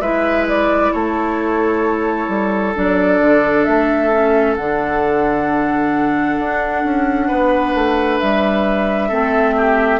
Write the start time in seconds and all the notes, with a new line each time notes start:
0.00 G#3 E4 B4 E5
0.48 D5
0.93 A3 A4 C#5
2.29 G3
2.75 F#3 D4 D5
3.21 D3
3.64 A3 E5
4.12 C#4
4.56 D3 D4 F#5
6.39 D4
6.84 C#4
7.27 B3 B4
7.75 A3
8.20 G3 E5
9.08 A3 C4 A4
9.57 G4